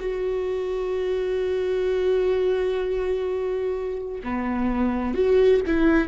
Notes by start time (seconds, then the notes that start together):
0.00 F#4
4.24 B3
5.14 F#4
5.67 E4